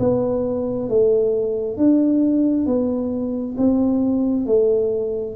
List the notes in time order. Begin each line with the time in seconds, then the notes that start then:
0.00 B3
0.90 A3
1.77 D4
2.67 B3
3.58 C4
4.47 A3